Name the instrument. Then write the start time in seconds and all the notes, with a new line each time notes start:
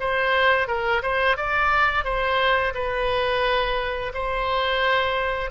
oboe
0.00 C5
0.68 A#4
1.02 C5
1.37 D5
2.04 C5
2.75 B4
4.14 C5